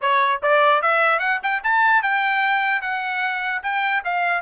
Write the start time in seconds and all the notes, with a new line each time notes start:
0.01 C#5
0.42 D5
0.81 E5
1.19 F#5
1.42 G5
1.63 A5
2.02 G5
2.81 F#5
3.62 G5
4.04 F5